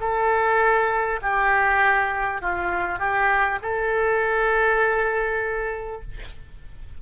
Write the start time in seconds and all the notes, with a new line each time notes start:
0.00 A4
1.22 G4
2.42 F4
2.99 G4
3.62 A4